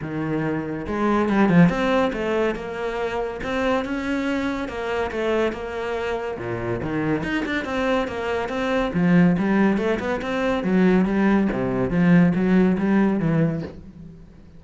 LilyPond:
\new Staff \with { instrumentName = "cello" } { \time 4/4 \tempo 4 = 141 dis2 gis4 g8 f8 | c'4 a4 ais2 | c'4 cis'2 ais4 | a4 ais2 ais,4 |
dis4 dis'8 d'8 c'4 ais4 | c'4 f4 g4 a8 b8 | c'4 fis4 g4 c4 | f4 fis4 g4 e4 | }